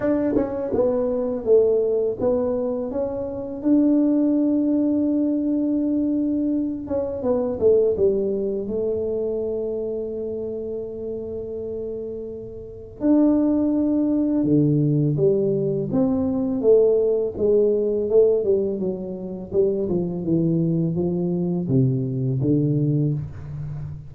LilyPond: \new Staff \with { instrumentName = "tuba" } { \time 4/4 \tempo 4 = 83 d'8 cis'8 b4 a4 b4 | cis'4 d'2.~ | d'4. cis'8 b8 a8 g4 | a1~ |
a2 d'2 | d4 g4 c'4 a4 | gis4 a8 g8 fis4 g8 f8 | e4 f4 c4 d4 | }